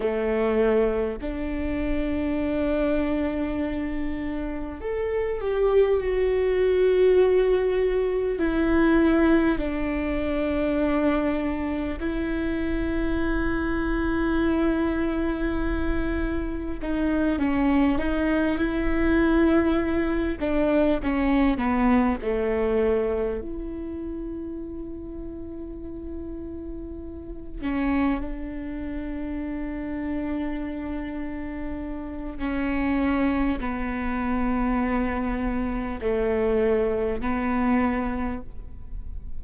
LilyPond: \new Staff \with { instrumentName = "viola" } { \time 4/4 \tempo 4 = 50 a4 d'2. | a'8 g'8 fis'2 e'4 | d'2 e'2~ | e'2 dis'8 cis'8 dis'8 e'8~ |
e'4 d'8 cis'8 b8 a4 e'8~ | e'2. cis'8 d'8~ | d'2. cis'4 | b2 a4 b4 | }